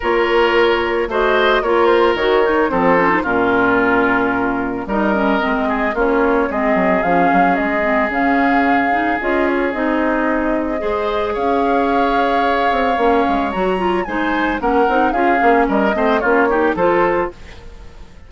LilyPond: <<
  \new Staff \with { instrumentName = "flute" } { \time 4/4 \tempo 4 = 111 cis''2 dis''4 cis''8 c''8 | cis''4 c''4 ais'2~ | ais'4 dis''2 cis''4 | dis''4 f''4 dis''4 f''4~ |
f''4 dis''8 cis''8 dis''2~ | dis''4 f''2.~ | f''4 ais''4 gis''4 fis''4 | f''4 dis''4 cis''4 c''4 | }
  \new Staff \with { instrumentName = "oboe" } { \time 4/4 ais'2 c''4 ais'4~ | ais'4 a'4 f'2~ | f'4 ais'4. gis'8 f'4 | gis'1~ |
gis'1 | c''4 cis''2.~ | cis''2 c''4 ais'4 | gis'4 ais'8 c''8 f'8 g'8 a'4 | }
  \new Staff \with { instrumentName = "clarinet" } { \time 4/4 f'2 fis'4 f'4 | fis'8 dis'8 c'8 cis'16 dis'16 cis'2~ | cis'4 dis'8 cis'8 c'4 cis'4 | c'4 cis'4. c'8 cis'4~ |
cis'8 dis'8 f'4 dis'2 | gis'1 | cis'4 fis'8 f'8 dis'4 cis'8 dis'8 | f'8 cis'4 c'8 cis'8 dis'8 f'4 | }
  \new Staff \with { instrumentName = "bassoon" } { \time 4/4 ais2 a4 ais4 | dis4 f4 ais,2~ | ais,4 g4 gis4 ais4 | gis8 fis8 f8 fis8 gis4 cis4~ |
cis4 cis'4 c'2 | gis4 cis'2~ cis'8 c'8 | ais8 gis8 fis4 gis4 ais8 c'8 | cis'8 ais8 g8 a8 ais4 f4 | }
>>